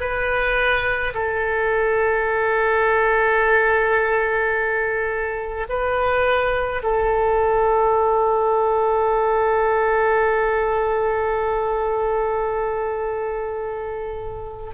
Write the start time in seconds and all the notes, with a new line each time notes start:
0.00 B4
1.14 A4
5.69 B4
6.83 A4